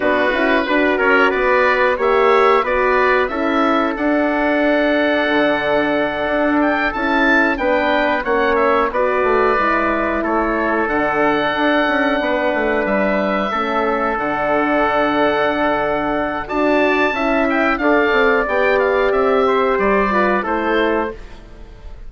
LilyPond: <<
  \new Staff \with { instrumentName = "oboe" } { \time 4/4 \tempo 4 = 91 b'4. cis''8 d''4 e''4 | d''4 e''4 fis''2~ | fis''2 g''8 a''4 g''8~ | g''8 fis''8 e''8 d''2 cis''8~ |
cis''8 fis''2. e''8~ | e''4. fis''2~ fis''8~ | fis''4 a''4. g''8 f''4 | g''8 f''8 e''4 d''4 c''4 | }
  \new Staff \with { instrumentName = "trumpet" } { \time 4/4 fis'4 b'8 ais'8 b'4 cis''4 | b'4 a'2.~ | a'2.~ a'8 b'8~ | b'8 cis''4 b'2 a'8~ |
a'2~ a'8 b'4.~ | b'8 a'2.~ a'8~ | a'4 d''4 e''4 d''4~ | d''4. c''4 b'8 a'4 | }
  \new Staff \with { instrumentName = "horn" } { \time 4/4 d'8 e'8 fis'2 g'4 | fis'4 e'4 d'2~ | d'2~ d'8 e'4 d'8~ | d'8 cis'4 fis'4 e'4.~ |
e'8 d'2.~ d'8~ | d'8 cis'4 d'2~ d'8~ | d'4 fis'4 e'4 a'4 | g'2~ g'8 f'8 e'4 | }
  \new Staff \with { instrumentName = "bassoon" } { \time 4/4 b8 cis'8 d'8 cis'8 b4 ais4 | b4 cis'4 d'2 | d4. d'4 cis'4 b8~ | b8 ais4 b8 a8 gis4 a8~ |
a8 d4 d'8 cis'8 b8 a8 g8~ | g8 a4 d2~ d8~ | d4 d'4 cis'4 d'8 c'8 | b4 c'4 g4 a4 | }
>>